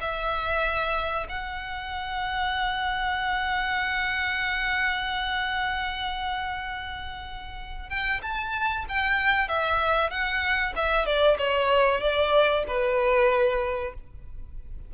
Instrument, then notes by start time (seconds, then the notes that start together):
violin
0.00 E5
1.29 F#5
7.89 G5
8.22 A5
8.88 G5
9.48 E5
10.10 F#5
10.75 E5
11.06 D5
11.38 C#5
12.00 D5
12.67 B4